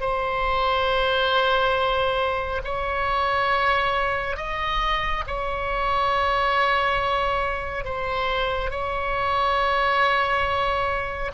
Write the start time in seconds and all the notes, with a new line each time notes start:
0.00 C5
2.64 C#5
4.36 D#5
5.27 C#5
7.84 C5
8.70 C#5